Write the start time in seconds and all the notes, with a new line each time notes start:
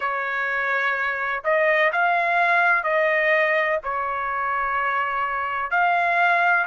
0.00 C#5
1.43 D#5
1.92 F5
2.83 D#5
3.83 C#5
5.71 F5